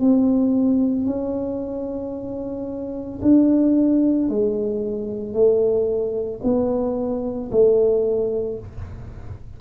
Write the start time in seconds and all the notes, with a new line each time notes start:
0.00 C4
1.05 C#4
3.21 D4
4.29 G#3
5.33 A3
6.43 B3
7.51 A3